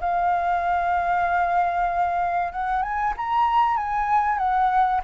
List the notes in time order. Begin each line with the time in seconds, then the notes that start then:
0.00 F5
2.52 F#5
2.82 G#5
3.17 A#5
3.77 G#5
4.38 F#5